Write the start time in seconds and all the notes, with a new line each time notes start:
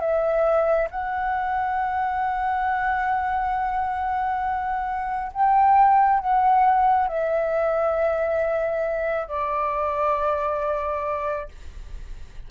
0.00 E5
0.91 F#5
5.33 G5
6.20 F#5
7.08 E5
9.28 D5